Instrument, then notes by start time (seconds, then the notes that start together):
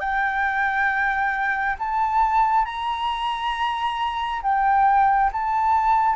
flute
0.00 G5
1.79 A5
2.65 A#5
4.42 G5
5.32 A5